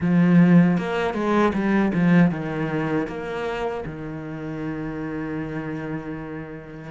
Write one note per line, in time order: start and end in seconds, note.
0.00 0.77 F3
0.77 1.14 A#3
1.14 1.52 G#3
1.53 1.92 G3
1.94 2.30 F3
2.30 3.07 D#3
3.07 3.84 A#3
3.85 6.91 D#3